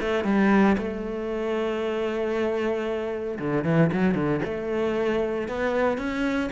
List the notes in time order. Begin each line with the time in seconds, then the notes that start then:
0.00 A3
0.24 G3
0.78 A3
3.39 D3
3.64 E3
3.92 F#3
4.15 D3
4.44 A3
5.48 B3
5.98 C#4